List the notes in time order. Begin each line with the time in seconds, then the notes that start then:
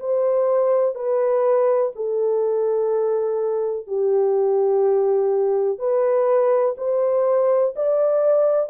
0.00 C5
0.95 B4
1.96 A4
3.87 G4
5.78 B4
6.77 C5
7.76 D5